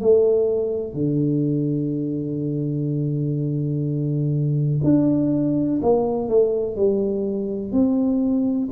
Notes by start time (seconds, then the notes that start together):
0.00 A3
0.93 D3
4.83 D4
5.82 A#3
6.28 A3
6.76 G3
7.72 C4